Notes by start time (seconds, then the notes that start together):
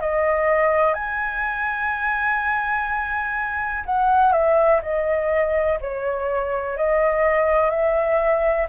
0.00 D#5
0.94 G#5
3.85 F#5
4.32 E5
4.82 D#5
5.81 C#5
6.77 D#5
7.70 E5